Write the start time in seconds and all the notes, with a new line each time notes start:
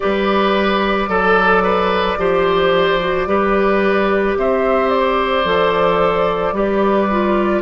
0.00 G3 G4 B4 D5
1.08 F#3 A4
1.63 B4
2.17 F3 G4 C5
3.00 F#4
3.27 G3 G4 B4
4.37 C4 C5 E5
4.89 D5
5.45 F3 A4
6.52 G3 G4 B4
7.10 F4